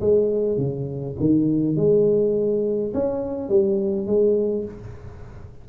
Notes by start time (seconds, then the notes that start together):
0.00 G#3
0.57 C#3
1.19 D#3
1.76 G#3
2.93 C#4
3.49 G3
4.06 G#3